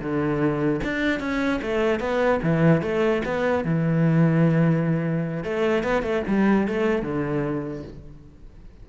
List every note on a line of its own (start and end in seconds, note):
0.00 0.81 D3
0.83 1.20 D4
1.20 1.60 C#4
1.62 2.00 A3
2.00 2.40 B3
2.42 2.82 E3
2.82 3.22 A3
3.25 3.65 B3
3.65 5.44 E3
5.44 5.83 A3
5.83 6.02 B3
6.02 6.22 A3
6.27 6.67 G3
6.67 7.02 A3
7.02 7.83 D3